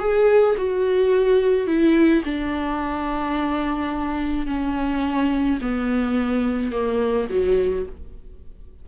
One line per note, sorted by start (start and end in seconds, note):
0.00 0.56 G#4
0.58 1.67 F#4
1.67 2.24 E4
2.25 4.47 D4
4.47 5.59 C#4
5.62 6.72 B3
6.72 7.28 A#3
7.30 7.86 F#3